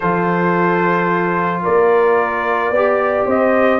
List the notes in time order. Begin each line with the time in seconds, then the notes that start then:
0.00 F3 F4 A4 C5
1.62 A#3 A#4 D5
2.70 B3 G4 D5
3.26 C4 C5 D#5